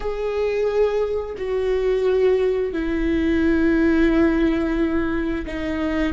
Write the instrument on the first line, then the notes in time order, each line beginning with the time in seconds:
viola
0.00 G#4
1.37 F#4
2.73 E4
5.46 D#4